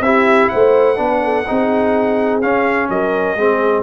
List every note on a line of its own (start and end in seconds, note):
0.00 0.48 C4
0.00 0.96 E4
0.00 0.52 G4
0.00 0.49 E5
0.49 0.99 A3
0.49 0.97 C5
0.49 2.39 F#5
0.96 1.46 B3
0.96 1.44 D4
0.96 1.21 B4
1.24 1.47 A4
1.47 2.44 C4
1.47 2.42 D#4
1.47 2.90 G#4
2.41 3.37 C#4
2.41 2.89 C#4
2.41 2.89 F5
2.89 3.35 F#3
2.89 3.38 A#4
2.89 3.82 D#5
3.35 3.82 G#3
3.35 3.82 C4
3.35 3.82 G#4